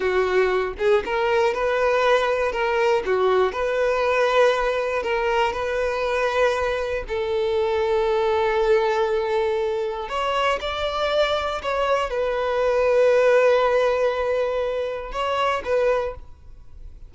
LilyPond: \new Staff \with { instrumentName = "violin" } { \time 4/4 \tempo 4 = 119 fis'4. gis'8 ais'4 b'4~ | b'4 ais'4 fis'4 b'4~ | b'2 ais'4 b'4~ | b'2 a'2~ |
a'1 | cis''4 d''2 cis''4 | b'1~ | b'2 cis''4 b'4 | }